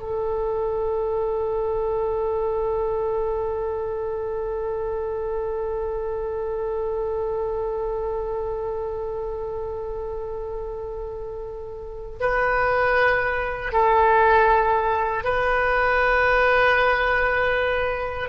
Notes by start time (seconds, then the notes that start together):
0.00 A4
12.20 B4
13.73 A4
15.24 B4